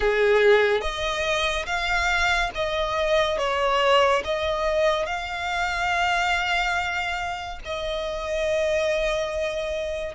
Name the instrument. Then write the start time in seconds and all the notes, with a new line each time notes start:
violin
0.00 G#4
0.81 D#5
1.66 F5
2.54 D#5
3.38 C#5
4.24 D#5
5.06 F5
7.64 D#5